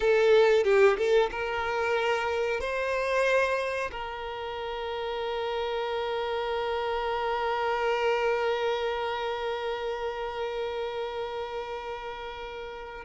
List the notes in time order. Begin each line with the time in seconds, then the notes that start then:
0.00 A4
0.64 G4
0.97 A4
1.31 A#4
2.60 C5
3.91 A#4